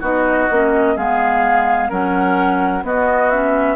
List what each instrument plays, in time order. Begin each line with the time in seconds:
0.00 bassoon B3, clarinet D#4, oboe F#4, flute D#5
0.50 bassoon A#3, clarinet C#4
0.96 bassoon G#3, clarinet B3, oboe G#4, flute F5
1.89 bassoon F#3, clarinet C#4, oboe A#4, flute F#5
2.83 clarinet B3, bassoon B3, oboe F#4, flute D#5
3.30 clarinet C#4, flute E5